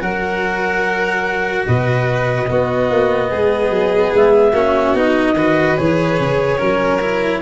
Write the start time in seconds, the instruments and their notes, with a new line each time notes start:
0.00 tuba F#3, cello F#4, violin A#4, clarinet F#5
1.67 tuba B2, violin B4, clarinet D#5
2.48 cello B3, tuba B3, violin F#4
2.91 tuba A#3
3.30 tuba G#3, violin G#4
3.71 tuba F#3
4.15 tuba G#3, clarinet E5
4.53 tuba A#3, cello C#4, violin F#4
4.94 tuba B3, cello D#4, clarinet D#5
5.35 tuba D#3, cello F#4, violin B4
5.78 tuba E3, cello G#4, clarinet C#5
6.20 tuba C#3
6.58 tuba F#3, cello C#4, violin A#4
7.02 cello E4